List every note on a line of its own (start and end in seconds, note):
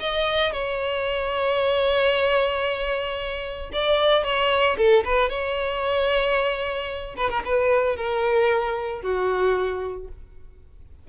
0.00 0.52 D#5
0.52 3.71 C#5
3.73 4.24 D5
4.24 4.77 C#5
4.78 5.04 A4
5.05 5.29 B4
5.29 7.15 C#5
7.17 7.30 B4
7.30 7.43 A#4
7.45 7.96 B4
7.96 9.02 A#4
9.02 10.08 F#4